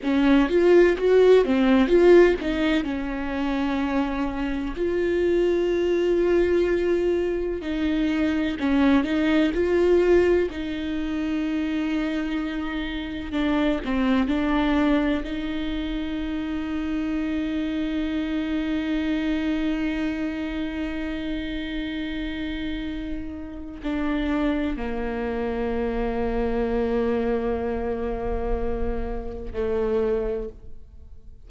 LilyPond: \new Staff \with { instrumentName = "viola" } { \time 4/4 \tempo 4 = 63 cis'8 f'8 fis'8 c'8 f'8 dis'8 cis'4~ | cis'4 f'2. | dis'4 cis'8 dis'8 f'4 dis'4~ | dis'2 d'8 c'8 d'4 |
dis'1~ | dis'1~ | dis'4 d'4 ais2~ | ais2. a4 | }